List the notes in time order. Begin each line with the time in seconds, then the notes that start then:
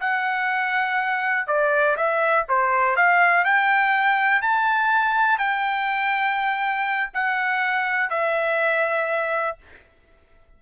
0.00 F#5
1.46 D5
1.96 E5
2.48 C5
2.96 F5
3.44 G5
4.41 A5
5.38 G5
7.14 F#5
8.09 E5